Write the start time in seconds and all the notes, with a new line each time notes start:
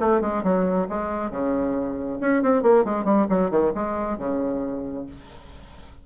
0.00 A3
0.21 G#3
0.43 F#3
0.89 G#3
1.31 C#3
2.21 C#4
2.43 C4
2.63 A#3
2.85 G#3
3.05 G3
3.29 F#3
3.51 D#3
3.74 G#3
4.18 C#3